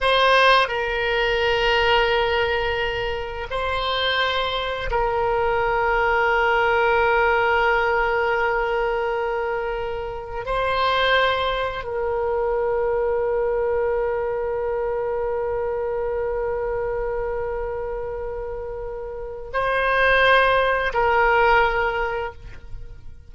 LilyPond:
\new Staff \with { instrumentName = "oboe" } { \time 4/4 \tempo 4 = 86 c''4 ais'2.~ | ais'4 c''2 ais'4~ | ais'1~ | ais'2. c''4~ |
c''4 ais'2.~ | ais'1~ | ais'1 | c''2 ais'2 | }